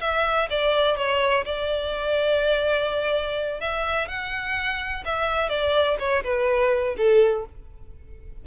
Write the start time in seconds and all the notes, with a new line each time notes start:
0.00 E5
0.50 D5
0.97 C#5
1.45 D5
3.60 E5
4.08 F#5
5.05 E5
5.49 D5
5.99 C#5
6.23 B4
6.97 A4